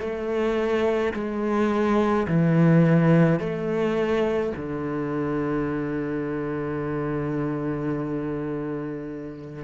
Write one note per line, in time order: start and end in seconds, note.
0.00 1.13 A3
1.14 2.27 G#3
2.27 3.40 E3
3.40 4.53 A3
4.56 9.64 D3